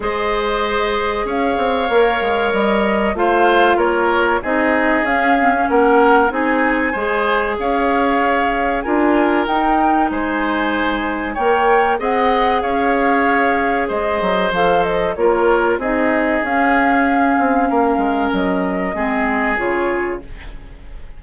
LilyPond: <<
  \new Staff \with { instrumentName = "flute" } { \time 4/4 \tempo 4 = 95 dis''2 f''2 | dis''4 f''4 cis''4 dis''4 | f''4 fis''4 gis''2 | f''2 gis''4 g''4 |
gis''2 g''4 fis''4 | f''2 dis''4 f''8 dis''8 | cis''4 dis''4 f''2~ | f''4 dis''2 cis''4 | }
  \new Staff \with { instrumentName = "oboe" } { \time 4/4 c''2 cis''2~ | cis''4 c''4 ais'4 gis'4~ | gis'4 ais'4 gis'4 c''4 | cis''2 ais'2 |
c''2 cis''4 dis''4 | cis''2 c''2 | ais'4 gis'2. | ais'2 gis'2 | }
  \new Staff \with { instrumentName = "clarinet" } { \time 4/4 gis'2. ais'4~ | ais'4 f'2 dis'4 | cis'8 c'16 cis'4~ cis'16 dis'4 gis'4~ | gis'2 f'4 dis'4~ |
dis'2 ais'4 gis'4~ | gis'2. a'4 | f'4 dis'4 cis'2~ | cis'2 c'4 f'4 | }
  \new Staff \with { instrumentName = "bassoon" } { \time 4/4 gis2 cis'8 c'8 ais8 gis8 | g4 a4 ais4 c'4 | cis'4 ais4 c'4 gis4 | cis'2 d'4 dis'4 |
gis2 ais4 c'4 | cis'2 gis8 fis8 f4 | ais4 c'4 cis'4. c'8 | ais8 gis8 fis4 gis4 cis4 | }
>>